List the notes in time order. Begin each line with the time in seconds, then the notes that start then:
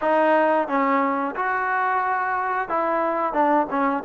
0.01 D#4
0.67 C#4
1.35 F#4
2.68 E4
3.33 D4
3.70 C#4